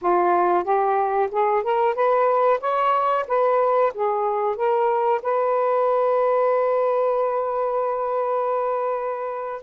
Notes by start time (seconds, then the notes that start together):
0.01 F4
0.63 G4
1.31 G#4
1.63 A#4
1.94 B4
2.60 C#5
3.27 B4
3.93 G#4
4.56 A#4
5.22 B4